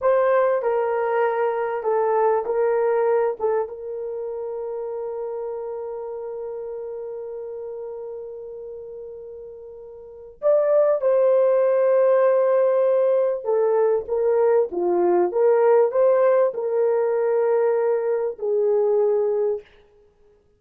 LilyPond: \new Staff \with { instrumentName = "horn" } { \time 4/4 \tempo 4 = 98 c''4 ais'2 a'4 | ais'4. a'8 ais'2~ | ais'1~ | ais'1~ |
ais'4 d''4 c''2~ | c''2 a'4 ais'4 | f'4 ais'4 c''4 ais'4~ | ais'2 gis'2 | }